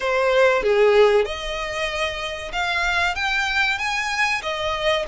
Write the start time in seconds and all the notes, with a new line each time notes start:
0.00 C5
0.63 G#4
1.25 D#5
2.52 F5
3.15 G5
3.78 G#5
4.42 D#5